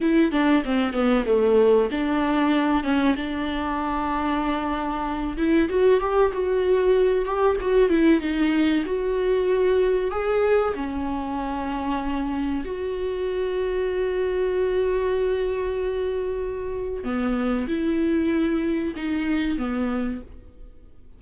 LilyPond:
\new Staff \with { instrumentName = "viola" } { \time 4/4 \tempo 4 = 95 e'8 d'8 c'8 b8 a4 d'4~ | d'8 cis'8 d'2.~ | d'8 e'8 fis'8 g'8 fis'4. g'8 | fis'8 e'8 dis'4 fis'2 |
gis'4 cis'2. | fis'1~ | fis'2. b4 | e'2 dis'4 b4 | }